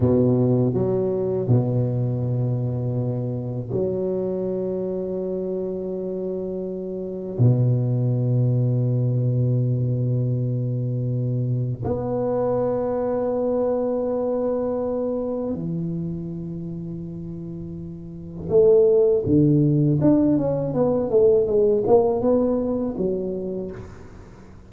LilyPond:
\new Staff \with { instrumentName = "tuba" } { \time 4/4 \tempo 4 = 81 b,4 fis4 b,2~ | b,4 fis2.~ | fis2 b,2~ | b,1 |
b1~ | b4 e2.~ | e4 a4 d4 d'8 cis'8 | b8 a8 gis8 ais8 b4 fis4 | }